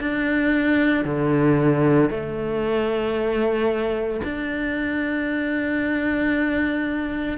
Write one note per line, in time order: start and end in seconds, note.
0.00 1.04 D4
1.04 2.10 D3
2.10 4.21 A3
4.23 7.37 D4